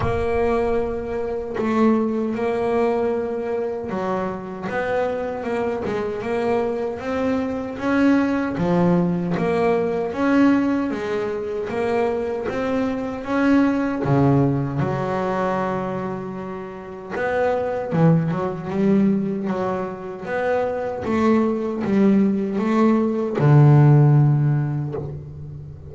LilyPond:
\new Staff \with { instrumentName = "double bass" } { \time 4/4 \tempo 4 = 77 ais2 a4 ais4~ | ais4 fis4 b4 ais8 gis8 | ais4 c'4 cis'4 f4 | ais4 cis'4 gis4 ais4 |
c'4 cis'4 cis4 fis4~ | fis2 b4 e8 fis8 | g4 fis4 b4 a4 | g4 a4 d2 | }